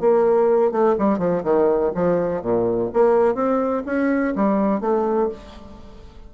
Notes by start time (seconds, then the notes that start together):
0.00 A#3
0.71 A3
0.99 G3
1.18 F3
1.43 D#3
1.95 F3
2.42 A#2
2.93 A#3
3.35 C4
3.86 C#4
4.35 G3
4.81 A3